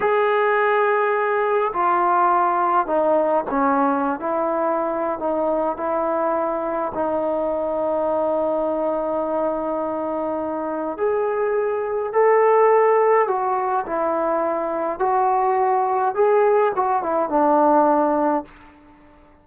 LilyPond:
\new Staff \with { instrumentName = "trombone" } { \time 4/4 \tempo 4 = 104 gis'2. f'4~ | f'4 dis'4 cis'4~ cis'16 e'8.~ | e'4 dis'4 e'2 | dis'1~ |
dis'2. gis'4~ | gis'4 a'2 fis'4 | e'2 fis'2 | gis'4 fis'8 e'8 d'2 | }